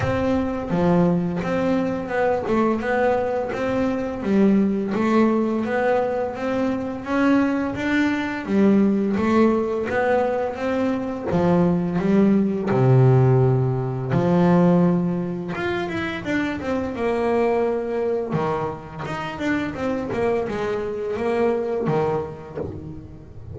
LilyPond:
\new Staff \with { instrumentName = "double bass" } { \time 4/4 \tempo 4 = 85 c'4 f4 c'4 b8 a8 | b4 c'4 g4 a4 | b4 c'4 cis'4 d'4 | g4 a4 b4 c'4 |
f4 g4 c2 | f2 f'8 e'8 d'8 c'8 | ais2 dis4 dis'8 d'8 | c'8 ais8 gis4 ais4 dis4 | }